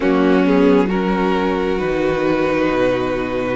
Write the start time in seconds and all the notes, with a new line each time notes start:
0.00 F#3 A#3 C#4 F#4
0.44 B3 G#4
0.87 C#4 F#4 A#4
1.78 D#3 D#4 B4
2.70 B2